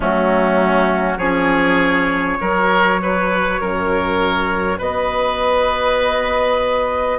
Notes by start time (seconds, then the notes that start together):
0.00 F#3 A3 C#4 F#4
1.17 F3 C#4 G#4 C#5
2.40 F#3 F#4 A#4
3.02 B4
3.60 F#2 A#4
4.78 B3 B4 D#5